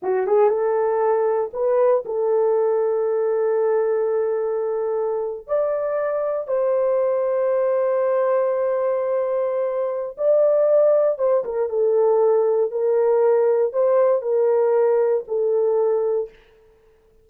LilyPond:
\new Staff \with { instrumentName = "horn" } { \time 4/4 \tempo 4 = 118 fis'8 gis'8 a'2 b'4 | a'1~ | a'2~ a'8. d''4~ d''16~ | d''8. c''2.~ c''16~ |
c''1 | d''2 c''8 ais'8 a'4~ | a'4 ais'2 c''4 | ais'2 a'2 | }